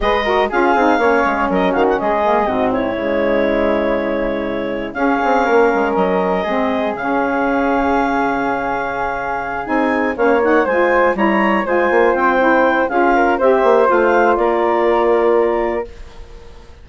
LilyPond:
<<
  \new Staff \with { instrumentName = "clarinet" } { \time 4/4 \tempo 4 = 121 dis''4 f''2 dis''8 f''16 fis''16 | dis''4. cis''2~ cis''8~ | cis''2 f''2 | dis''2 f''2~ |
f''2.~ f''8 gis''8~ | gis''8 f''8 fis''8 gis''4 ais''4 gis''8~ | gis''8 g''4. f''4 e''4 | f''4 d''2. | }
  \new Staff \with { instrumentName = "flute" } { \time 4/4 b'8 ais'8 gis'4 cis''4 ais'8 fis'8 | gis'4 fis'8 e'2~ e'8~ | e'2 gis'4 ais'4~ | ais'4 gis'2.~ |
gis'1~ | gis'8 cis''4 c''4 cis''4 c''8~ | c''2 gis'8 ais'8 c''4~ | c''4 ais'2. | }
  \new Staff \with { instrumentName = "saxophone" } { \time 4/4 gis'8 fis'8 f'8 dis'8 cis'2~ | cis'8 ais8 c'4 gis2~ | gis2 cis'2~ | cis'4 c'4 cis'2~ |
cis'2.~ cis'8 dis'8~ | dis'8 cis'8 dis'8 f'4 e'4 f'8~ | f'4 e'4 f'4 g'4 | f'1 | }
  \new Staff \with { instrumentName = "bassoon" } { \time 4/4 gis4 cis'8 c'8 ais8 gis8 fis8 dis8 | gis4 gis,4 cis2~ | cis2 cis'8 c'8 ais8 gis8 | fis4 gis4 cis2~ |
cis2.~ cis8 c'8~ | c'8 ais4 gis4 g4 gis8 | ais8 c'4. cis'4 c'8 ais8 | a4 ais2. | }
>>